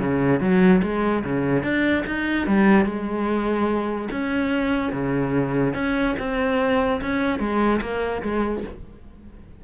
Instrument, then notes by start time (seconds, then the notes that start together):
cello
0.00 C#3
0.41 F#3
0.83 G#3
1.24 C#3
1.63 D4
2.07 D#4
2.47 G3
2.86 G#3
4.11 C#4
4.93 C#3
5.74 C#4
6.19 C4
7.02 C#4
7.40 G#3
7.81 A#3
8.23 G#3